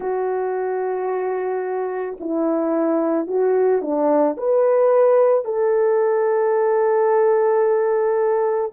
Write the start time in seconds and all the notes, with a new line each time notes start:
0.00 F#4
2.20 E4
3.27 F#4
3.81 D4
4.37 B4
5.44 A4